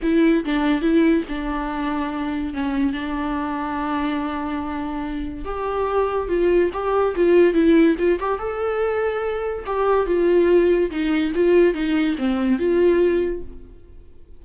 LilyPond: \new Staff \with { instrumentName = "viola" } { \time 4/4 \tempo 4 = 143 e'4 d'4 e'4 d'4~ | d'2 cis'4 d'4~ | d'1~ | d'4 g'2 f'4 |
g'4 f'4 e'4 f'8 g'8 | a'2. g'4 | f'2 dis'4 f'4 | dis'4 c'4 f'2 | }